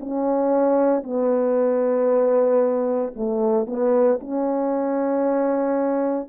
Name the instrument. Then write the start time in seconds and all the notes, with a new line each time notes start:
horn
0.00 C#4
1.03 B3
3.16 A3
3.66 B3
4.20 C#4